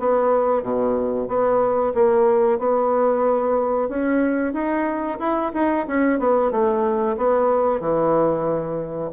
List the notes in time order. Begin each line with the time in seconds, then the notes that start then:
0.00 B3
0.63 B2
1.29 B3
1.95 A#3
2.59 B3
3.89 C#4
4.54 D#4
5.20 E4
5.54 D#4
5.88 C#4
6.20 B3
6.52 A3
7.17 B3
7.81 E3